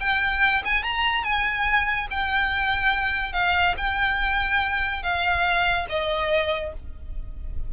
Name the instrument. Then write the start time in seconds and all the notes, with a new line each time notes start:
violin
0.00 G5
0.65 G#5
0.84 A#5
1.24 G#5
2.11 G5
3.33 F5
3.77 G5
5.03 F5
5.90 D#5